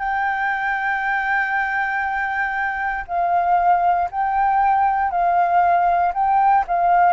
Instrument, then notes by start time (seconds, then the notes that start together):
flute
0.00 G5
3.08 F5
4.11 G5
5.11 F5
6.14 G5
6.68 F5